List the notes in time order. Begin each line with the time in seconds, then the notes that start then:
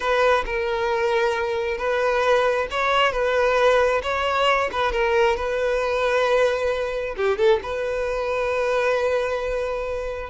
0.00 B4
0.45 A#4
1.77 B4
2.70 C#5
3.12 B4
4.02 C#5
4.72 B4
4.92 A#4
5.36 B4
7.16 G4
7.37 A4
7.62 B4